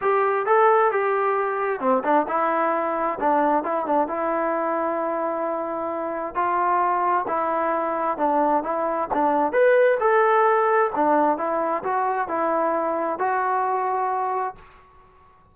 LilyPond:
\new Staff \with { instrumentName = "trombone" } { \time 4/4 \tempo 4 = 132 g'4 a'4 g'2 | c'8 d'8 e'2 d'4 | e'8 d'8 e'2.~ | e'2 f'2 |
e'2 d'4 e'4 | d'4 b'4 a'2 | d'4 e'4 fis'4 e'4~ | e'4 fis'2. | }